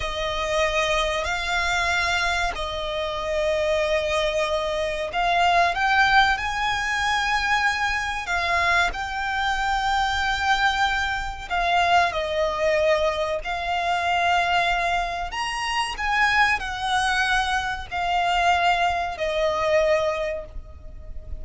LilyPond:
\new Staff \with { instrumentName = "violin" } { \time 4/4 \tempo 4 = 94 dis''2 f''2 | dis''1 | f''4 g''4 gis''2~ | gis''4 f''4 g''2~ |
g''2 f''4 dis''4~ | dis''4 f''2. | ais''4 gis''4 fis''2 | f''2 dis''2 | }